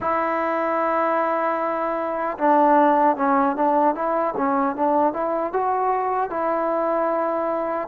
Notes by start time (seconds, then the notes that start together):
0.00 E4
2.38 D4
3.16 C#4
3.55 D4
3.95 E4
4.36 C#4
4.75 D4
5.13 E4
5.53 F#4
6.30 E4